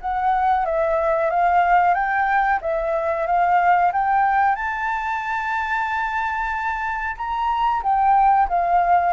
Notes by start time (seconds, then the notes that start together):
0.00 F#5
0.65 E5
1.30 F5
1.94 G5
2.61 E5
3.26 F5
3.92 G5
4.55 A5
7.17 A#5
7.83 G5
8.48 F5